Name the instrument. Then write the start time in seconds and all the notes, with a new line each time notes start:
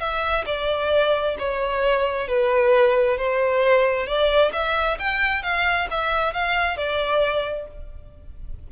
violin
0.00 E5
0.46 D5
1.39 C#5
2.28 B4
3.18 C5
4.07 D5
4.53 E5
5.00 G5
5.43 F5
5.91 E5
6.34 F5
6.77 D5